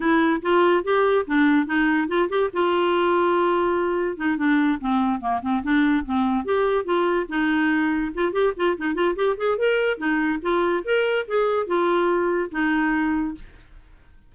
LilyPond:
\new Staff \with { instrumentName = "clarinet" } { \time 4/4 \tempo 4 = 144 e'4 f'4 g'4 d'4 | dis'4 f'8 g'8 f'2~ | f'2 dis'8 d'4 c'8~ | c'8 ais8 c'8 d'4 c'4 g'8~ |
g'8 f'4 dis'2 f'8 | g'8 f'8 dis'8 f'8 g'8 gis'8 ais'4 | dis'4 f'4 ais'4 gis'4 | f'2 dis'2 | }